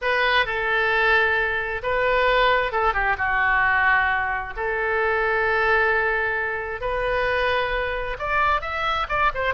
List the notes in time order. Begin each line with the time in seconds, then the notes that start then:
0.01 B4
0.45 A4
1.82 B4
2.71 A4
2.93 G4
3.17 F#4
4.56 A4
6.81 B4
8.19 D5
8.61 E5
9.08 D5
9.34 C5